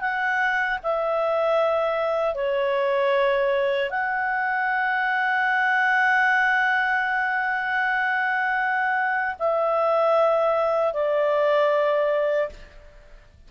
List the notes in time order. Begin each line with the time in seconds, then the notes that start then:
0.00 F#5
0.83 E5
2.34 C#5
3.90 F#5
9.39 E5
10.93 D5